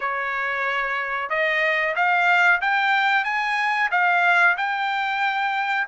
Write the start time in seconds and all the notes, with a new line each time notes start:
0.00 C#5
1.29 D#5
1.95 F5
2.61 G5
3.24 G#5
3.91 F5
4.57 G5